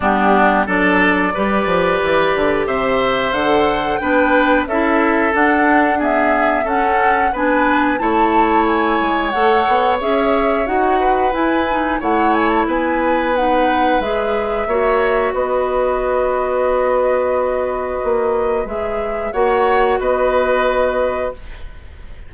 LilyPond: <<
  \new Staff \with { instrumentName = "flute" } { \time 4/4 \tempo 4 = 90 g'4 d''2. | e''4 fis''4 g''4 e''4 | fis''4 e''4 fis''4 gis''4 | a''4 gis''4 fis''4 e''4 |
fis''4 gis''4 fis''8 gis''16 a''16 gis''4 | fis''4 e''2 dis''4~ | dis''1 | e''4 fis''4 dis''2 | }
  \new Staff \with { instrumentName = "oboe" } { \time 4/4 d'4 a'4 b'2 | c''2 b'4 a'4~ | a'4 gis'4 a'4 b'4 | cis''1~ |
cis''8 b'4. cis''4 b'4~ | b'2 cis''4 b'4~ | b'1~ | b'4 cis''4 b'2 | }
  \new Staff \with { instrumentName = "clarinet" } { \time 4/4 b4 d'4 g'2~ | g'4 a'4 d'4 e'4 | d'4 b4 cis'4 d'4 | e'2 a'4 gis'4 |
fis'4 e'8 dis'8 e'2 | dis'4 gis'4 fis'2~ | fis'1 | gis'4 fis'2. | }
  \new Staff \with { instrumentName = "bassoon" } { \time 4/4 g4 fis4 g8 f8 e8 d8 | c4 d4 b4 cis'4 | d'2 cis'4 b4 | a4. gis8 a8 b8 cis'4 |
dis'4 e'4 a4 b4~ | b4 gis4 ais4 b4~ | b2. ais4 | gis4 ais4 b2 | }
>>